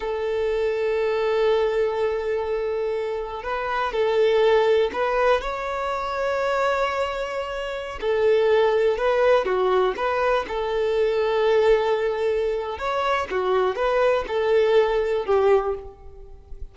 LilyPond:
\new Staff \with { instrumentName = "violin" } { \time 4/4 \tempo 4 = 122 a'1~ | a'2. b'4 | a'2 b'4 cis''4~ | cis''1~ |
cis''16 a'2 b'4 fis'8.~ | fis'16 b'4 a'2~ a'8.~ | a'2 cis''4 fis'4 | b'4 a'2 g'4 | }